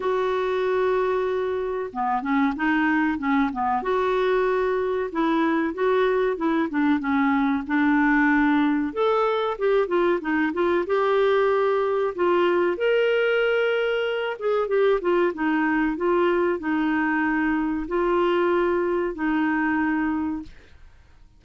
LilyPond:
\new Staff \with { instrumentName = "clarinet" } { \time 4/4 \tempo 4 = 94 fis'2. b8 cis'8 | dis'4 cis'8 b8 fis'2 | e'4 fis'4 e'8 d'8 cis'4 | d'2 a'4 g'8 f'8 |
dis'8 f'8 g'2 f'4 | ais'2~ ais'8 gis'8 g'8 f'8 | dis'4 f'4 dis'2 | f'2 dis'2 | }